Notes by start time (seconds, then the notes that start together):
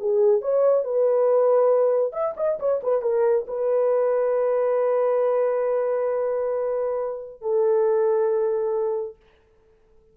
0.00 G#4
0.42 C#5
0.84 B4
2.13 E5
2.37 D#5
2.60 C#5
2.83 B4
3.02 A#4
3.48 B4
7.42 A4